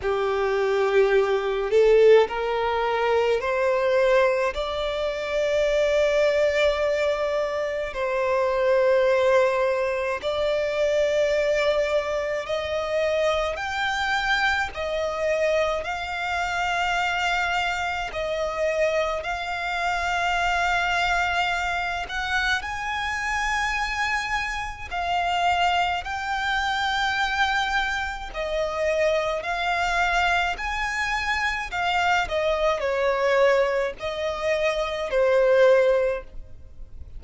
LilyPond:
\new Staff \with { instrumentName = "violin" } { \time 4/4 \tempo 4 = 53 g'4. a'8 ais'4 c''4 | d''2. c''4~ | c''4 d''2 dis''4 | g''4 dis''4 f''2 |
dis''4 f''2~ f''8 fis''8 | gis''2 f''4 g''4~ | g''4 dis''4 f''4 gis''4 | f''8 dis''8 cis''4 dis''4 c''4 | }